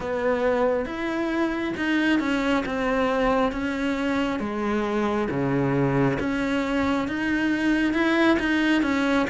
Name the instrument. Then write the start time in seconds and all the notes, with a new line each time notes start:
cello
0.00 B3
0.85 E4
1.76 D#4
2.19 C#4
2.65 C4
3.51 C#4
4.39 G#3
5.29 C#3
6.19 C#4
7.08 D#4
7.93 E4
8.39 D#4
8.82 C#4